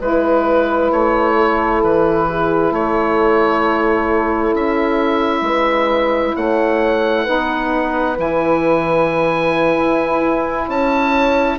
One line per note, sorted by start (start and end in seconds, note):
0.00 0.91 G#3
0.00 7.26 E4
0.00 1.36 B4
0.00 0.92 B4
0.92 1.83 A3
0.92 1.83 C#5
1.36 2.27 A4
1.83 2.71 E3
1.83 2.74 B4
2.28 2.74 G#4
2.71 4.53 A3
2.71 5.44 A4
2.71 4.55 C#5
4.54 5.42 C#4
4.54 6.36 E5
5.42 6.33 G#3
5.42 6.35 B4
6.36 7.28 A3
6.36 7.25 C#5
6.36 8.18 F#5
7.25 8.19 B3
7.25 8.16 D#4
7.25 10.66 B4
8.17 9.77 E3
8.17 11.58 E4
8.17 10.70 G#5
9.77 10.68 E4
10.68 11.59 C#4
10.68 11.59 C#5
10.68 11.59 A5